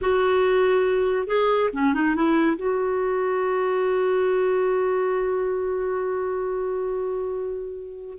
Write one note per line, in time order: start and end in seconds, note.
0.01 1.27 F#4
1.27 1.70 G#4
1.73 1.94 C#4
1.94 2.15 D#4
2.15 2.56 E4
2.56 8.17 F#4